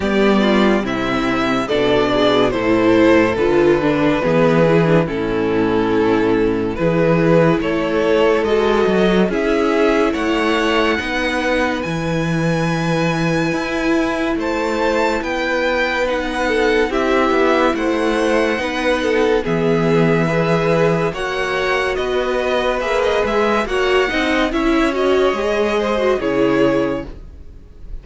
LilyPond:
<<
  \new Staff \with { instrumentName = "violin" } { \time 4/4 \tempo 4 = 71 d''4 e''4 d''4 c''4 | b'2 a'2 | b'4 cis''4 dis''4 e''4 | fis''2 gis''2~ |
gis''4 a''4 g''4 fis''4 | e''4 fis''2 e''4~ | e''4 fis''4 dis''4 e''16 dis''16 e''8 | fis''4 e''8 dis''4. cis''4 | }
  \new Staff \with { instrumentName = "violin" } { \time 4/4 g'8 f'8 e'4 a'8 gis'8 a'4~ | a'4 gis'4 e'2 | gis'4 a'2 gis'4 | cis''4 b'2.~ |
b'4 c''4 b'4. a'8 | g'4 c''4 b'8 a'8 gis'4 | b'4 cis''4 b'2 | cis''8 dis''8 cis''4. c''8 gis'4 | }
  \new Staff \with { instrumentName = "viola" } { \time 4/4 b4 c'4 d'4 e'4 | f'8 d'8 b8 e'16 d'16 cis'2 | e'2 fis'4 e'4~ | e'4 dis'4 e'2~ |
e'2. dis'4 | e'2 dis'4 b4 | gis'4 fis'2 gis'4 | fis'8 dis'8 e'8 fis'8 gis'8. fis'16 e'4 | }
  \new Staff \with { instrumentName = "cello" } { \time 4/4 g4 c4 b,4 a,4 | d4 e4 a,2 | e4 a4 gis8 fis8 cis'4 | a4 b4 e2 |
e'4 a4 b2 | c'8 b8 a4 b4 e4~ | e4 ais4 b4 ais8 gis8 | ais8 c'8 cis'4 gis4 cis4 | }
>>